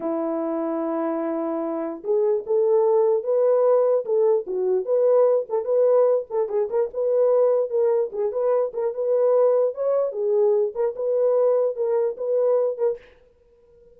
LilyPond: \new Staff \with { instrumentName = "horn" } { \time 4/4 \tempo 4 = 148 e'1~ | e'4 gis'4 a'2 | b'2 a'4 fis'4 | b'4. a'8 b'4. a'8 |
gis'8 ais'8 b'2 ais'4 | gis'8 b'4 ais'8 b'2 | cis''4 gis'4. ais'8 b'4~ | b'4 ais'4 b'4. ais'8 | }